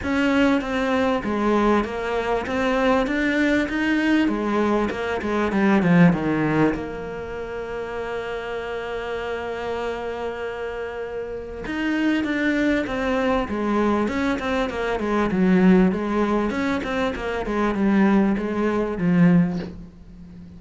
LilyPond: \new Staff \with { instrumentName = "cello" } { \time 4/4 \tempo 4 = 98 cis'4 c'4 gis4 ais4 | c'4 d'4 dis'4 gis4 | ais8 gis8 g8 f8 dis4 ais4~ | ais1~ |
ais2. dis'4 | d'4 c'4 gis4 cis'8 c'8 | ais8 gis8 fis4 gis4 cis'8 c'8 | ais8 gis8 g4 gis4 f4 | }